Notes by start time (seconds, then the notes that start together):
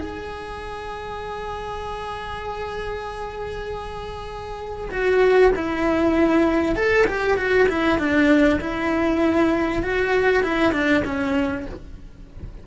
0.00 G#4
4.90 F#4
5.55 E4
6.75 A4
7.06 G4
7.37 F#4
7.68 E4
7.98 D4
8.60 E4
9.82 F#4
10.43 E4
10.72 D4
11.04 C#4